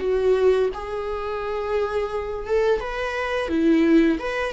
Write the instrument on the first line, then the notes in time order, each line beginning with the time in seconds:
viola
0.00 F#4
0.74 G#4
2.47 A4
2.80 B4
3.49 E4
4.20 B4